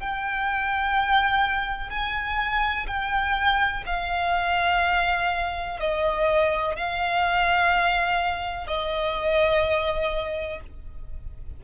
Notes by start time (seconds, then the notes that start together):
0.00 G5
1.90 G#5
2.87 G5
3.87 F5
5.80 D#5
6.76 F5
8.67 D#5